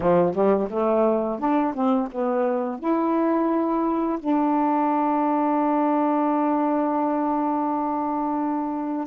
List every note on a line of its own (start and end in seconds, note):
0.00 0.34 F3
0.34 0.68 G3
0.69 1.39 A3
1.39 1.73 D4
1.73 2.08 C4
2.11 2.79 B3
2.79 4.18 E4
4.19 9.07 D4